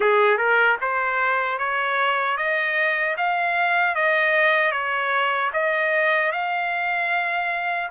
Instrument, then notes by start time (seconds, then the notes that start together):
trumpet
0.00 G#4
0.37 A#4
0.81 C5
1.58 C#5
2.37 D#5
3.17 F5
3.95 D#5
4.72 C#5
5.53 D#5
6.32 F5